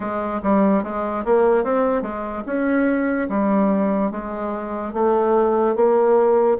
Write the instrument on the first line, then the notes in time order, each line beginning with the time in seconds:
bassoon
0.00 G#3
0.42 G3
0.83 G#3
1.24 A#3
1.64 C4
2.02 G#3
2.46 C#4
3.29 G3
4.11 G#3
4.93 A3
5.75 A#3